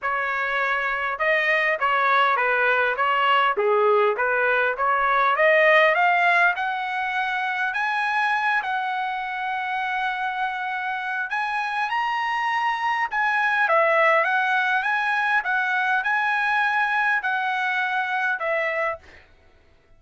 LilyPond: \new Staff \with { instrumentName = "trumpet" } { \time 4/4 \tempo 4 = 101 cis''2 dis''4 cis''4 | b'4 cis''4 gis'4 b'4 | cis''4 dis''4 f''4 fis''4~ | fis''4 gis''4. fis''4.~ |
fis''2. gis''4 | ais''2 gis''4 e''4 | fis''4 gis''4 fis''4 gis''4~ | gis''4 fis''2 e''4 | }